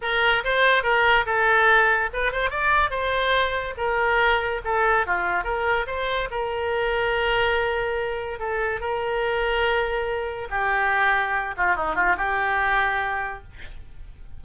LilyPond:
\new Staff \with { instrumentName = "oboe" } { \time 4/4 \tempo 4 = 143 ais'4 c''4 ais'4 a'4~ | a'4 b'8 c''8 d''4 c''4~ | c''4 ais'2 a'4 | f'4 ais'4 c''4 ais'4~ |
ais'1 | a'4 ais'2.~ | ais'4 g'2~ g'8 f'8 | dis'8 f'8 g'2. | }